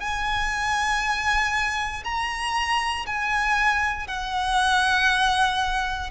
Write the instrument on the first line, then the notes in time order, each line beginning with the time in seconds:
violin
0.00 G#5
2.04 A#5
3.06 G#5
4.07 F#5